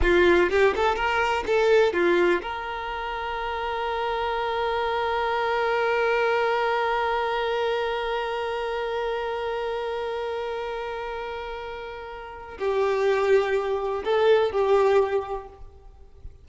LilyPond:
\new Staff \with { instrumentName = "violin" } { \time 4/4 \tempo 4 = 124 f'4 g'8 a'8 ais'4 a'4 | f'4 ais'2.~ | ais'1~ | ais'1~ |
ais'1~ | ais'1~ | ais'2 g'2~ | g'4 a'4 g'2 | }